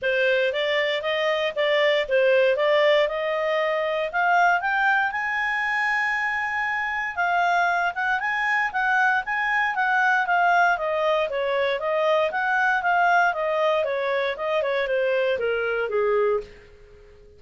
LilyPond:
\new Staff \with { instrumentName = "clarinet" } { \time 4/4 \tempo 4 = 117 c''4 d''4 dis''4 d''4 | c''4 d''4 dis''2 | f''4 g''4 gis''2~ | gis''2 f''4. fis''8 |
gis''4 fis''4 gis''4 fis''4 | f''4 dis''4 cis''4 dis''4 | fis''4 f''4 dis''4 cis''4 | dis''8 cis''8 c''4 ais'4 gis'4 | }